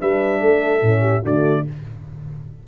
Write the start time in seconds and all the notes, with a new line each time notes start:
0.00 G3 D4 B4 E5
0.41 A3 A4
0.82 A2 C#4
1.01 G4
1.23 D3 A3 F#4 D5